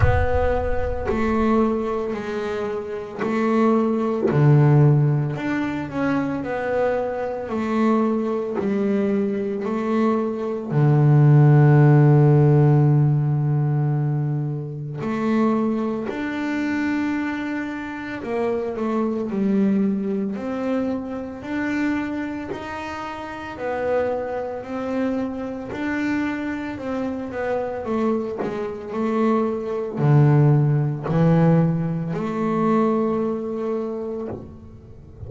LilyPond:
\new Staff \with { instrumentName = "double bass" } { \time 4/4 \tempo 4 = 56 b4 a4 gis4 a4 | d4 d'8 cis'8 b4 a4 | g4 a4 d2~ | d2 a4 d'4~ |
d'4 ais8 a8 g4 c'4 | d'4 dis'4 b4 c'4 | d'4 c'8 b8 a8 gis8 a4 | d4 e4 a2 | }